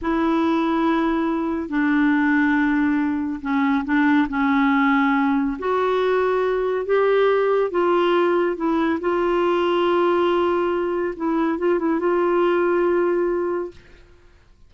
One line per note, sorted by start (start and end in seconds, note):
0.01 1.69 E4
1.69 3.40 D4
3.41 3.84 C#4
3.85 4.27 D4
4.29 5.57 C#4
5.58 6.85 F#4
6.85 7.70 G4
7.70 8.56 F4
8.56 8.99 E4
9.00 11.14 F4
11.16 11.58 E4
11.58 11.78 F4
11.78 11.99 E4
11.99 13.71 F4